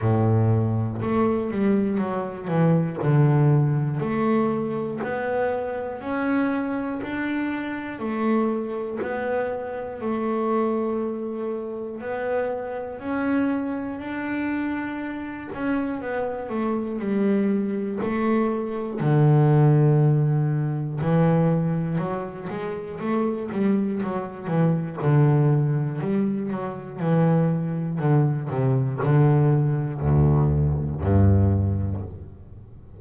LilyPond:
\new Staff \with { instrumentName = "double bass" } { \time 4/4 \tempo 4 = 60 a,4 a8 g8 fis8 e8 d4 | a4 b4 cis'4 d'4 | a4 b4 a2 | b4 cis'4 d'4. cis'8 |
b8 a8 g4 a4 d4~ | d4 e4 fis8 gis8 a8 g8 | fis8 e8 d4 g8 fis8 e4 | d8 c8 d4 d,4 g,4 | }